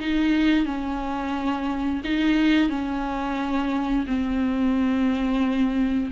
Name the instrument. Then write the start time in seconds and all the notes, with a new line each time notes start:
viola
0.00 D#4
0.66 C#4
2.05 D#4
2.70 C#4
4.07 C4